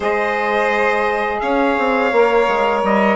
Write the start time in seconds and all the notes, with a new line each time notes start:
0.00 G#3 G#4 C5 D#5
1.39 C#4 C#5 F5
1.78 C4
2.12 A#3 A#4
2.47 G#3
2.83 G3 D#5